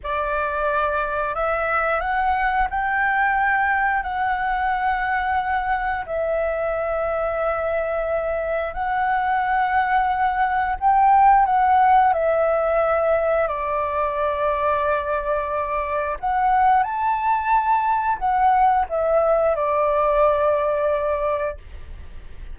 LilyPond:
\new Staff \with { instrumentName = "flute" } { \time 4/4 \tempo 4 = 89 d''2 e''4 fis''4 | g''2 fis''2~ | fis''4 e''2.~ | e''4 fis''2. |
g''4 fis''4 e''2 | d''1 | fis''4 a''2 fis''4 | e''4 d''2. | }